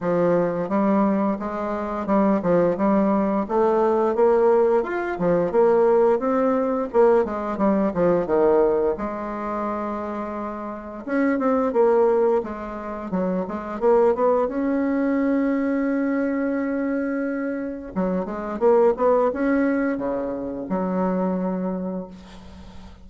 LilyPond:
\new Staff \with { instrumentName = "bassoon" } { \time 4/4 \tempo 4 = 87 f4 g4 gis4 g8 f8 | g4 a4 ais4 f'8 f8 | ais4 c'4 ais8 gis8 g8 f8 | dis4 gis2. |
cis'8 c'8 ais4 gis4 fis8 gis8 | ais8 b8 cis'2.~ | cis'2 fis8 gis8 ais8 b8 | cis'4 cis4 fis2 | }